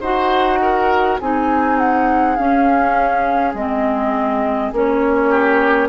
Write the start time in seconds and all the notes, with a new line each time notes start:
0.00 D#4 F#4 C5 F#5
0.61 A#4
1.20 C4 D#4 G#4 G#5
1.78 F#5
2.36 C#4 F5
3.53 G#3 C4 D#5
4.72 A#3 C#4 C#5
5.29 G4